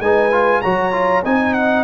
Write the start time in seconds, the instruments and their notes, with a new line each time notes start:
0.00 tuba G#3, trombone D#4, horn B4, trumpet G#5
0.32 trombone F4
0.62 tuba F#3, trombone F#4, horn C#5, trumpet A#5
0.93 trombone F4
1.25 tuba C4, trombone D#4, horn D#5, trumpet G#5
1.54 trumpet F#5